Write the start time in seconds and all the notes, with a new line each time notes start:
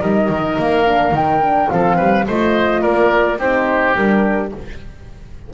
0.00 G3 D#4 A#4 D#5
0.29 D#3
0.58 A#3 F5
0.85 D4
1.11 D#3 D#4 G5
1.41 D4
1.69 F3 C4 A4 F5
1.96 G3 B4
2.27 A3 F4 C5 D#5
2.81 A#3 A#4 D5
3.38 C4 D#4 G4 C5
3.95 G3 D4 A#4